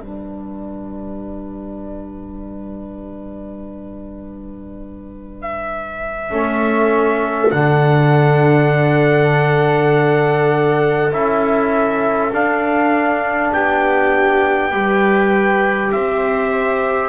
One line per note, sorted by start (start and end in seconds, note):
0.00 6.30 G3
0.00 6.31 D4
0.00 6.32 B4
0.00 5.42 D5
5.42 7.52 E5
6.31 7.52 A3
6.31 7.51 C#4
6.31 13.52 A4
7.51 11.12 D3
7.51 11.11 D4
7.51 11.12 F#5
11.12 12.33 C#4
11.12 12.32 E4
11.12 12.33 E5
12.33 13.53 D4
12.33 14.72 D4
12.33 13.54 F5
13.53 14.73 B3
13.53 14.71 G4
13.53 15.92 G5
14.71 15.93 G3
14.71 17.09 G4
14.71 15.91 B4
15.92 17.09 C4
15.92 17.09 C5
15.92 17.09 E5